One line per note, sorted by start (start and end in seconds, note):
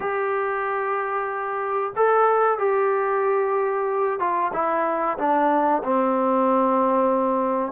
0.00 1.92 G4
1.95 2.58 A4
2.58 4.19 G4
4.19 4.51 F4
4.53 5.17 E4
5.18 5.82 D4
5.83 7.72 C4